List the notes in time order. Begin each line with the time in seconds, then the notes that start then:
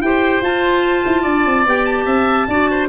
0.00 E4 G4 C5 G5
0.42 F4 A5
1.06 E4
1.22 D4 D5
1.46 C4
1.66 B3 G4 G5
1.85 A5
2.05 C4 E5
2.48 D4 F#4 D5
2.71 C5